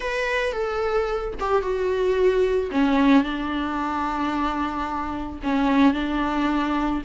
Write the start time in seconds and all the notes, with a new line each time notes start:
0.00 B4
0.52 A4
1.40 G4
1.61 F#4
2.71 C#4
3.23 D4
5.43 C#4
5.93 D4